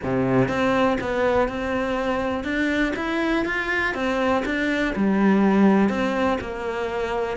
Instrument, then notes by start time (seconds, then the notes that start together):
cello
0.03 C3
0.48 C4
1.01 B3
1.48 C4
2.43 D4
2.96 E4
3.45 F4
3.94 C4
4.45 D4
4.95 G3
5.89 C4
6.41 A#3